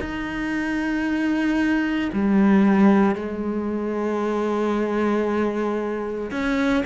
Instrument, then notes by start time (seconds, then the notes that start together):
cello
0.00 D#4
2.13 G3
3.15 G#3
6.31 C#4